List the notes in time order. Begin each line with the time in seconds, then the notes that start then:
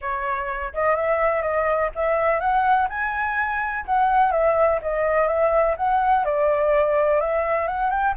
0.01 C#5
0.73 D#5
0.95 E5
1.42 D#5
1.95 E5
2.40 F#5
2.89 G#5
3.85 F#5
4.31 E5
4.81 D#5
5.27 E5
5.76 F#5
6.24 D5
7.20 E5
7.67 F#5
7.89 G5